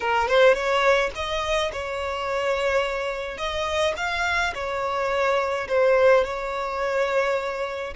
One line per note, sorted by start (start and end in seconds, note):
0.00 0.28 A#4
0.28 0.54 C5
0.54 1.10 C#5
1.15 1.71 D#5
1.72 3.37 C#5
3.37 3.94 D#5
3.96 4.53 F5
4.54 5.67 C#5
5.68 6.24 C5
6.24 7.94 C#5